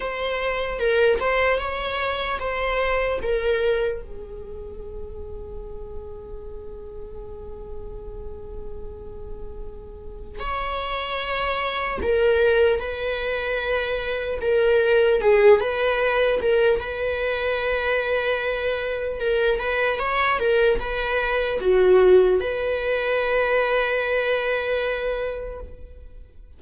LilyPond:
\new Staff \with { instrumentName = "viola" } { \time 4/4 \tempo 4 = 75 c''4 ais'8 c''8 cis''4 c''4 | ais'4 gis'2.~ | gis'1~ | gis'4 cis''2 ais'4 |
b'2 ais'4 gis'8 b'8~ | b'8 ais'8 b'2. | ais'8 b'8 cis''8 ais'8 b'4 fis'4 | b'1 | }